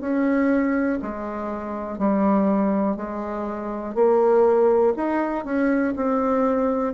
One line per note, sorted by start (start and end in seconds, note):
0.00 0.98 C#4
1.01 1.99 G#3
1.99 2.96 G3
2.96 3.94 G#3
3.95 4.93 A#3
4.96 5.45 D#4
5.45 5.94 C#4
5.96 6.93 C4